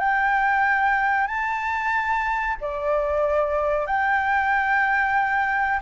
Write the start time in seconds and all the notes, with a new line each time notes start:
0.00 G5
1.28 A5
2.61 D5
3.87 G5